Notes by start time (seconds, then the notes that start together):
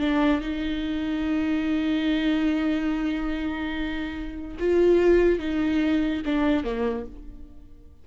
0.00 D4
0.41 D#4
4.60 F4
5.39 D#4
6.26 D4
6.64 A#3